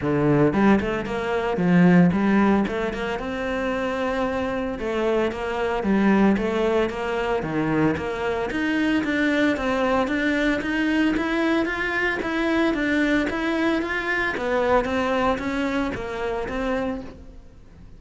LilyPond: \new Staff \with { instrumentName = "cello" } { \time 4/4 \tempo 4 = 113 d4 g8 a8 ais4 f4 | g4 a8 ais8 c'2~ | c'4 a4 ais4 g4 | a4 ais4 dis4 ais4 |
dis'4 d'4 c'4 d'4 | dis'4 e'4 f'4 e'4 | d'4 e'4 f'4 b4 | c'4 cis'4 ais4 c'4 | }